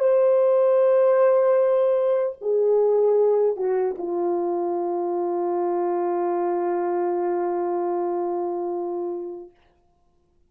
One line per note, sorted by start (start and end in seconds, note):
0.00 2.37 C5
2.42 3.57 G#4
3.57 3.96 F#4
3.98 9.51 F4